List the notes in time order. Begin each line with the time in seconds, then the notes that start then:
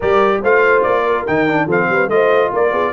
0.00 G3 G4 A#4 D5
0.41 A3 F4 C5 F5
0.82 A#3 D5
1.06 A#4
1.26 D#3 D#4 G5
1.48 D4
1.66 F3 C4 A4 F5
1.89 G3 B4
2.07 A3 F4 C5 D#5
2.51 A#3 A#4 D5
2.71 B3 G#4